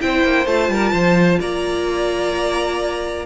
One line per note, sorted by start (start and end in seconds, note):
0.00 0.24 C4
0.00 0.47 E4
0.00 0.73 C5
0.00 0.47 G5
0.24 0.46 A#3
0.46 0.69 A3
0.46 3.26 F4
0.46 1.40 A5
0.69 0.92 G3
0.69 0.92 A#4
0.92 1.39 F3
0.92 1.39 C5
1.40 3.26 A#3
1.40 3.26 D5
1.40 3.26 A#5